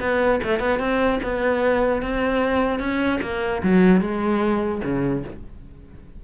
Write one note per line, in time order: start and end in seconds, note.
0.00 0.40 B3
0.43 0.60 A3
0.60 0.79 B3
0.79 1.20 C4
1.23 2.02 B3
2.02 2.79 C4
2.79 3.20 C#4
3.22 3.62 A#3
3.63 4.01 F#3
4.01 4.82 G#3
4.84 5.24 C#3